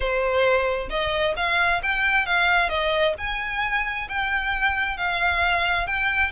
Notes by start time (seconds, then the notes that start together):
0.00 C5
0.89 D#5
1.36 F5
1.83 G5
2.26 F5
2.69 D#5
3.18 G#5
4.08 G5
4.97 F5
5.86 G5